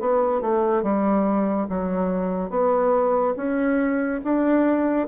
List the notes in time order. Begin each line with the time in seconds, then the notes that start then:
0.00 B3
0.41 A3
0.83 G3
1.69 F#3
2.50 B3
3.36 C#4
4.24 D4